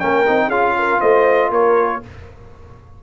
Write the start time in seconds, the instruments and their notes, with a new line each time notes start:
0.00 tuba A#3, trombone C#4, horn A#4, trumpet G5
0.27 tuba C4, trombone D#4
0.48 tuba C#4, trombone F4, horn G#4, trumpet F5
0.79 horn A#4
1.01 tuba A3, horn C5, trumpet D#5
1.51 tuba A#3, horn A#4, trumpet C#5